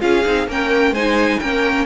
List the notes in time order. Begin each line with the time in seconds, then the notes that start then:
0.00 C#4 F4 G#4 F5
0.25 C4 D#4
0.48 A#3 C#4 A#4 G5
0.92 G#3 D#4 C5 G#5
1.40 A#3 C#4 A#4 G5